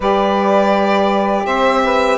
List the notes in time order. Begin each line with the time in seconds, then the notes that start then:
0.00 G3 G4 B4 D5
1.45 C4 C5 E5
1.84 B4